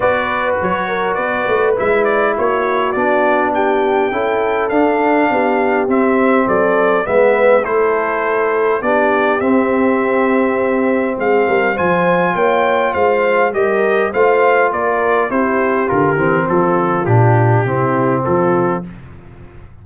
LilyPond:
<<
  \new Staff \with { instrumentName = "trumpet" } { \time 4/4 \tempo 4 = 102 d''4 cis''4 d''4 e''8 d''8 | cis''4 d''4 g''2 | f''2 e''4 d''4 | e''4 c''2 d''4 |
e''2. f''4 | gis''4 g''4 f''4 dis''4 | f''4 d''4 c''4 ais'4 | a'4 g'2 a'4 | }
  \new Staff \with { instrumentName = "horn" } { \time 4/4 b'4. ais'8 b'2 | fis'2 g'4 a'4~ | a'4 g'2 a'4 | b'4 a'2 g'4~ |
g'2. gis'8 ais'8 | c''4 cis''4 c''4 ais'4 | c''4 ais'4 g'2 | f'2 e'4 f'4 | }
  \new Staff \with { instrumentName = "trombone" } { \time 4/4 fis'2. e'4~ | e'4 d'2 e'4 | d'2 c'2 | b4 e'2 d'4 |
c'1 | f'2. g'4 | f'2 e'4 f'8 c'8~ | c'4 d'4 c'2 | }
  \new Staff \with { instrumentName = "tuba" } { \time 4/4 b4 fis4 b8 a8 gis4 | ais4 b2 cis'4 | d'4 b4 c'4 fis4 | gis4 a2 b4 |
c'2. gis8 g8 | f4 ais4 gis4 g4 | a4 ais4 c'4 d8 e8 | f4 ais,4 c4 f4 | }
>>